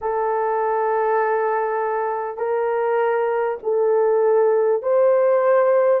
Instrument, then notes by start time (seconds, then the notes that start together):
horn
0.01 A4
2.37 A#4
3.62 A4
4.82 C5